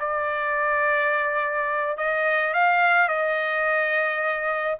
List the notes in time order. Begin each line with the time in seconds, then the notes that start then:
0.00 D5
1.98 D#5
2.54 F5
3.09 D#5